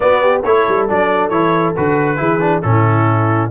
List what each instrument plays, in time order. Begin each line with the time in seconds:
0.00 trombone B3, tuba B3, horn F#4, trumpet D5
0.22 horn G4
0.43 tuba A3, trombone E4, horn A4, trumpet C#5
0.68 tuba G3
0.88 tuba F#3, trombone D4, trumpet D5
1.29 tuba E3, trombone E4, trumpet C#5
1.76 tuba D3, trombone F#4, trumpet B4
2.16 tuba E3, trombone E4, horn G#4
2.40 trombone D4
2.61 tuba A2, trombone C#4, horn E4, trumpet A4